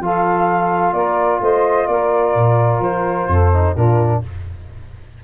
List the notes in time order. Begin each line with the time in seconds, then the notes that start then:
0.00 F3 F4 A4 F5
0.93 A#3 A#4 D5
1.41 A3 C5 D#5
1.87 A#3 A#4 D5
2.35 A#2
2.79 F3 C5
3.27 F2 A4
3.53 D#4
3.74 A#2 D4 F4 A#4